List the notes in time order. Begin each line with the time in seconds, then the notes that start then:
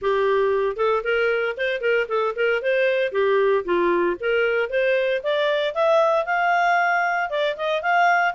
0.01 G4
0.76 A4
1.03 A#4
1.57 C5
1.80 A#4
2.08 A4
2.35 A#4
2.61 C5
3.12 G4
3.64 F4
4.20 A#4
4.69 C5
5.23 D5
5.74 E5
6.25 F5
7.30 D5
7.57 D#5
7.82 F5